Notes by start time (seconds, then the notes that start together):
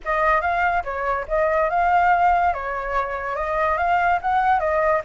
0.04 D#5
0.41 F5
0.84 C#5
1.28 D#5
1.69 F5
2.53 C#5
3.35 D#5
3.77 F5
4.21 F#5
4.59 D#5